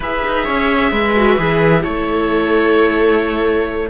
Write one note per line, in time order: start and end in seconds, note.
0.00 0.23 E4
0.00 1.15 G#4
0.00 0.44 B4
0.00 1.83 E5
0.25 0.48 D#4
0.44 0.91 C#4
0.44 0.90 C#5
0.90 1.37 G#3
0.90 1.82 B4
1.15 1.38 F#4
1.37 1.83 E3
1.37 1.82 G#4
1.82 3.89 A3
1.82 3.88 E4
1.82 3.89 A4
1.82 3.89 C#5